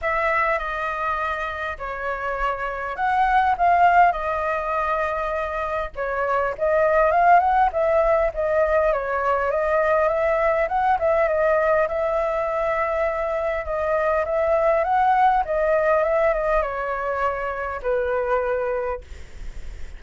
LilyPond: \new Staff \with { instrumentName = "flute" } { \time 4/4 \tempo 4 = 101 e''4 dis''2 cis''4~ | cis''4 fis''4 f''4 dis''4~ | dis''2 cis''4 dis''4 | f''8 fis''8 e''4 dis''4 cis''4 |
dis''4 e''4 fis''8 e''8 dis''4 | e''2. dis''4 | e''4 fis''4 dis''4 e''8 dis''8 | cis''2 b'2 | }